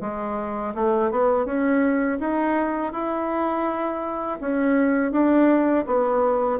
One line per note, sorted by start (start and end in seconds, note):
0.00 0.73 G#3
0.74 1.10 A3
1.10 1.45 B3
1.45 2.18 C#4
2.20 2.92 D#4
2.92 4.38 E4
4.40 5.12 C#4
5.12 5.85 D4
5.86 6.59 B3